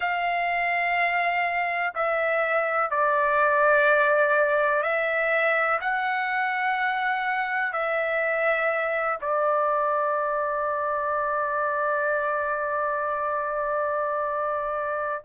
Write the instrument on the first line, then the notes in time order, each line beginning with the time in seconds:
trumpet
0.00 F5
1.94 E5
2.90 D5
4.82 E5
5.81 F#5
7.72 E5
9.21 D5